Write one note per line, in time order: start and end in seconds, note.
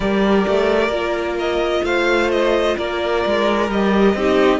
0.00 0.45 G3
0.00 0.91 G4
0.00 1.83 A#4
0.00 1.38 D5
0.47 0.88 A3
0.88 1.81 A#3
0.88 3.68 F4
1.38 1.84 D#5
1.83 2.76 A3
1.83 2.77 C5
1.83 2.30 F5
2.31 2.77 D#5
2.77 3.24 A#3
2.77 4.15 A#4
2.77 3.69 D5
3.25 3.68 G#3
3.68 4.14 G3
3.68 4.16 G4
3.68 4.60 D#5
4.14 4.60 C4
4.14 4.60 D#4
4.14 4.60 G4